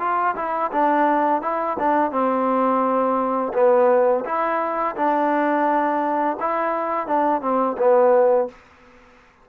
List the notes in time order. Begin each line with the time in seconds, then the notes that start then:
0.00 F4
0.36 E4
0.72 D4
1.42 E4
1.79 D4
2.12 C4
3.54 B3
4.25 E4
4.96 D4
6.40 E4
7.07 D4
7.42 C4
7.78 B3